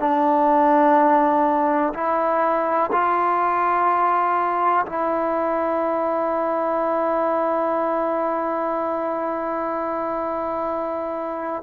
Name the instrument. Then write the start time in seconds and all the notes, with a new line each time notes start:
trombone
0.00 D4
1.94 E4
2.93 F4
4.86 E4